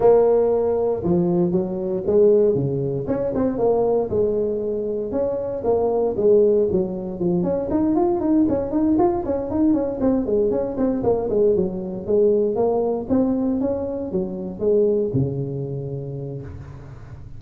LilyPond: \new Staff \with { instrumentName = "tuba" } { \time 4/4 \tempo 4 = 117 ais2 f4 fis4 | gis4 cis4 cis'8 c'8 ais4 | gis2 cis'4 ais4 | gis4 fis4 f8 cis'8 dis'8 f'8 |
dis'8 cis'8 dis'8 f'8 cis'8 dis'8 cis'8 c'8 | gis8 cis'8 c'8 ais8 gis8 fis4 gis8~ | gis8 ais4 c'4 cis'4 fis8~ | fis8 gis4 cis2~ cis8 | }